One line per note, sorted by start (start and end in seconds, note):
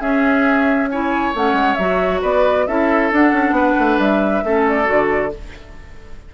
0.00 1.32 C#4
0.00 0.89 C#4
0.00 0.89 G#4
0.00 0.89 E5
0.90 1.35 E4
0.90 2.21 C#5
0.90 1.34 G#5
1.35 1.53 A3
1.35 1.79 C#4
1.35 1.75 F#5
1.53 1.75 G#3
1.75 2.22 F#3
1.75 2.68 F#4
1.75 2.19 E5
2.21 2.67 B3
2.21 2.65 B4
2.21 2.67 D5
2.67 3.11 C#4
2.67 3.12 E4
2.67 3.56 A4
2.67 3.11 E5
3.11 3.33 D4
3.11 4.44 D4
3.11 4.00 F#5
3.33 3.51 C#4
3.51 3.73 B3
3.51 4.44 B4
3.79 3.99 A3
3.99 4.43 G3
3.99 4.66 E5
4.44 4.88 A3
4.44 4.85 C#4
4.44 5.34 A4
4.68 5.34 D5
4.85 5.34 D3
4.85 5.29 F#4